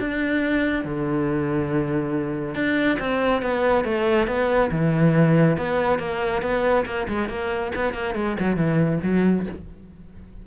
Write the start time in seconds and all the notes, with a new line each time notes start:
0.00 D4
0.85 D3
2.55 D4
3.00 C4
3.43 B3
3.85 A3
4.28 B3
4.71 E3
5.58 B3
5.99 A#3
6.43 B3
6.86 A#3
7.08 G#3
7.29 A#3
7.75 B3
7.94 A#3
8.15 G#3
8.40 F#3
8.57 E3
9.04 F#3